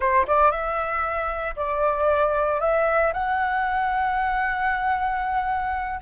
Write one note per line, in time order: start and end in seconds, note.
0.00 0.26 C5
0.27 0.51 D5
0.51 1.55 E5
1.56 2.60 D5
2.60 3.12 E5
3.13 6.00 F#5